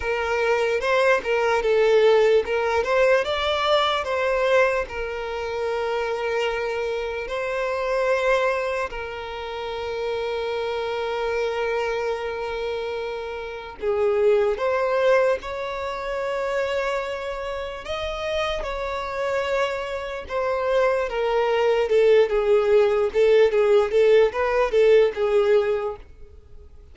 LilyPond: \new Staff \with { instrumentName = "violin" } { \time 4/4 \tempo 4 = 74 ais'4 c''8 ais'8 a'4 ais'8 c''8 | d''4 c''4 ais'2~ | ais'4 c''2 ais'4~ | ais'1~ |
ais'4 gis'4 c''4 cis''4~ | cis''2 dis''4 cis''4~ | cis''4 c''4 ais'4 a'8 gis'8~ | gis'8 a'8 gis'8 a'8 b'8 a'8 gis'4 | }